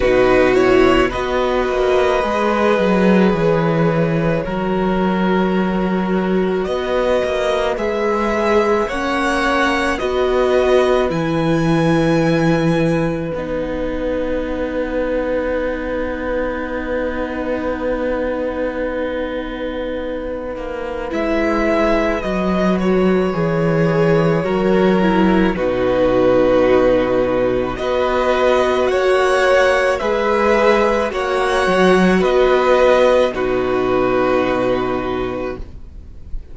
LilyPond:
<<
  \new Staff \with { instrumentName = "violin" } { \time 4/4 \tempo 4 = 54 b'8 cis''8 dis''2 cis''4~ | cis''2 dis''4 e''4 | fis''4 dis''4 gis''2 | fis''1~ |
fis''2. e''4 | dis''8 cis''2~ cis''8 b'4~ | b'4 dis''4 fis''4 e''4 | fis''4 dis''4 b'2 | }
  \new Staff \with { instrumentName = "violin" } { \time 4/4 fis'4 b'2. | ais'2 b'2 | cis''4 b'2.~ | b'1~ |
b'1~ | b'2 ais'4 fis'4~ | fis'4 b'4 cis''4 b'4 | cis''4 b'4 fis'2 | }
  \new Staff \with { instrumentName = "viola" } { \time 4/4 dis'8 e'8 fis'4 gis'2 | fis'2. gis'4 | cis'4 fis'4 e'2 | dis'1~ |
dis'2. e'4 | fis'4 gis'4 fis'8 e'8 dis'4~ | dis'4 fis'2 gis'4 | fis'2 dis'2 | }
  \new Staff \with { instrumentName = "cello" } { \time 4/4 b,4 b8 ais8 gis8 fis8 e4 | fis2 b8 ais8 gis4 | ais4 b4 e2 | b1~ |
b2~ b8 ais8 gis4 | fis4 e4 fis4 b,4~ | b,4 b4 ais4 gis4 | ais8 fis8 b4 b,2 | }
>>